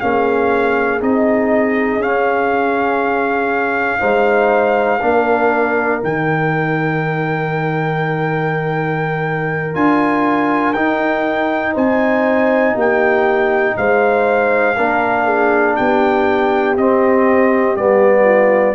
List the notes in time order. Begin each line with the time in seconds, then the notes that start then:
0.00 A#3 C#4 G#4 F5
1.00 C4 D#4 D#5
1.97 C#4 F5
3.99 G#3 D#4 C5
5.01 A#3 D4 A#4
6.01 D#3 D#4 G5
9.74 D4 F4 G#5
10.73 D#4 G5
11.73 C4 C5 G#5
12.74 A#3 G4 G5
13.77 G#3 C5 F5
14.77 A#3 D4 A#4
15.25 G#4
15.76 B3 G4 G5
16.77 C4 D#5
17.76 G3 B3 D5
18.24 F4